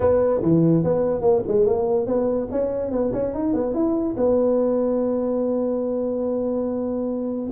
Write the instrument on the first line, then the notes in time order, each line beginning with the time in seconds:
tuba
0.00 B3
0.42 E3
0.83 B3
1.21 A#3
1.47 G#3
1.66 A#3
2.06 B3
2.51 C#4
2.91 B3
3.12 C#4
3.33 D#4
3.53 B3
3.73 E4
4.16 B3